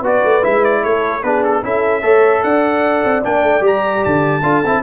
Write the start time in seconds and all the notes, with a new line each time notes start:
0.00 B3 F#4 B4
0.06 D5
0.24 A3
0.42 G#3 E4 E5
0.64 D5
0.84 A3 A4 C#5
1.23 B3 D4 G#4 B4
1.44 A4
1.62 C#4 E4 A4 E5
2.02 A3 A4 C#5
2.43 D4 D5 F#5
3.04 C4
3.24 A#3 D4 G5
3.43 A3
3.61 G3 G4 A#5
4.04 D3 A5
4.43 D4 F4 A4
4.65 C4 E4